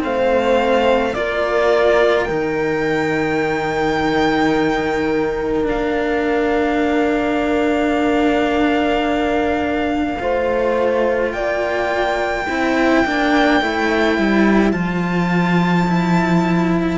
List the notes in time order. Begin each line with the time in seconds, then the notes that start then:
0.00 A3 C4 C5 F5
1.15 A#3 F4 A#4 D5
2.25 D#3 D#4 G5
5.64 D4 F5
5.70 A#3
10.20 A3 F4 C5
11.32 A#3 D5 G5
12.47 C4 E4 C5
13.06 A#3 D4
13.62 A3 E4
14.18 G3
14.73 F3 F4 A5
15.88 E4